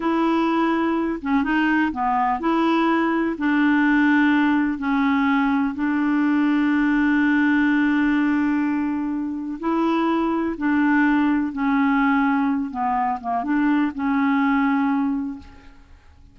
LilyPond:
\new Staff \with { instrumentName = "clarinet" } { \time 4/4 \tempo 4 = 125 e'2~ e'8 cis'8 dis'4 | b4 e'2 d'4~ | d'2 cis'2 | d'1~ |
d'1 | e'2 d'2 | cis'2~ cis'8 b4 ais8 | d'4 cis'2. | }